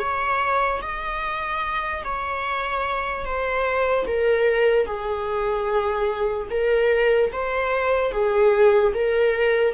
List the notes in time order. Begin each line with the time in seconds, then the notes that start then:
0.00 C#5
0.83 D#5
2.05 C#5
3.26 C5
4.07 A#4
4.86 G#4
6.51 A#4
7.33 C5
8.12 G#4
8.94 A#4